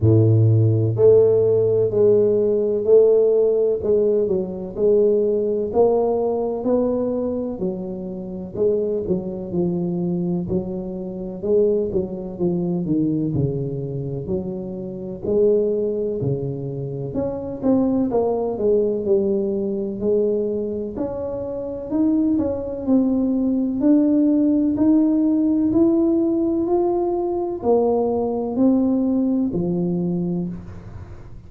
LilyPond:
\new Staff \with { instrumentName = "tuba" } { \time 4/4 \tempo 4 = 63 a,4 a4 gis4 a4 | gis8 fis8 gis4 ais4 b4 | fis4 gis8 fis8 f4 fis4 | gis8 fis8 f8 dis8 cis4 fis4 |
gis4 cis4 cis'8 c'8 ais8 gis8 | g4 gis4 cis'4 dis'8 cis'8 | c'4 d'4 dis'4 e'4 | f'4 ais4 c'4 f4 | }